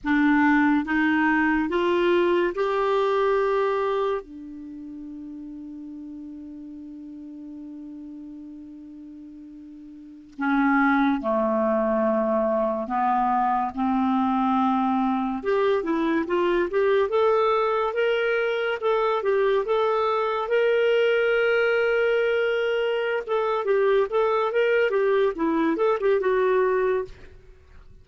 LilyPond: \new Staff \with { instrumentName = "clarinet" } { \time 4/4 \tempo 4 = 71 d'4 dis'4 f'4 g'4~ | g'4 d'2.~ | d'1~ | d'16 cis'4 a2 b8.~ |
b16 c'2 g'8 e'8 f'8 g'16~ | g'16 a'4 ais'4 a'8 g'8 a'8.~ | a'16 ais'2.~ ais'16 a'8 | g'8 a'8 ais'8 g'8 e'8 a'16 g'16 fis'4 | }